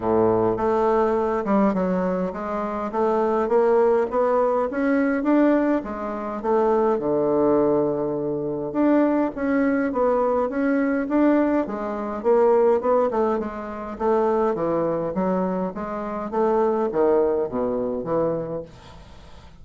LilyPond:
\new Staff \with { instrumentName = "bassoon" } { \time 4/4 \tempo 4 = 103 a,4 a4. g8 fis4 | gis4 a4 ais4 b4 | cis'4 d'4 gis4 a4 | d2. d'4 |
cis'4 b4 cis'4 d'4 | gis4 ais4 b8 a8 gis4 | a4 e4 fis4 gis4 | a4 dis4 b,4 e4 | }